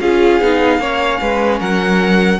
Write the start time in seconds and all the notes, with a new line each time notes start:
0.00 C#4 F4 G#4 F5
0.40 B3 D#4
0.78 A#3 C#4 C#5
1.21 G#3 B4
1.60 F#3 A#4 F#5